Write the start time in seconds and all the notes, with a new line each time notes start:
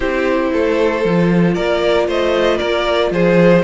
0.00 C4 E4 G4 C5
0.52 A3 A4
1.04 F3 F4
1.54 A#3 A#4 D5
2.07 A3 C5 D#5
2.57 A#3 A#4 D5
3.10 F3 G#4 C5